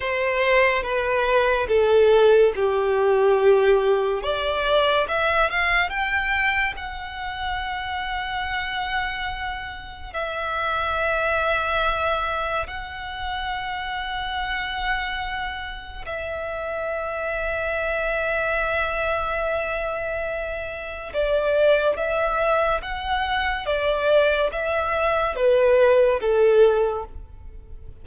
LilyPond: \new Staff \with { instrumentName = "violin" } { \time 4/4 \tempo 4 = 71 c''4 b'4 a'4 g'4~ | g'4 d''4 e''8 f''8 g''4 | fis''1 | e''2. fis''4~ |
fis''2. e''4~ | e''1~ | e''4 d''4 e''4 fis''4 | d''4 e''4 b'4 a'4 | }